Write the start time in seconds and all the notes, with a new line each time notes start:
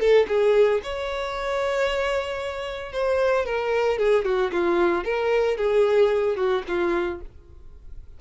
0.00 A4
0.28 G#4
0.83 C#5
2.93 C5
3.46 A#4
3.99 G#4
4.25 F#4
4.52 F4
5.05 A#4
5.57 G#4
6.36 F#4
6.68 F4